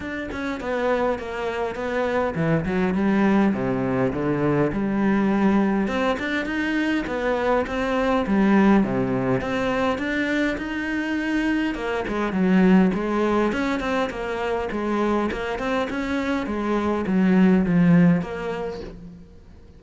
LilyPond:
\new Staff \with { instrumentName = "cello" } { \time 4/4 \tempo 4 = 102 d'8 cis'8 b4 ais4 b4 | e8 fis8 g4 c4 d4 | g2 c'8 d'8 dis'4 | b4 c'4 g4 c4 |
c'4 d'4 dis'2 | ais8 gis8 fis4 gis4 cis'8 c'8 | ais4 gis4 ais8 c'8 cis'4 | gis4 fis4 f4 ais4 | }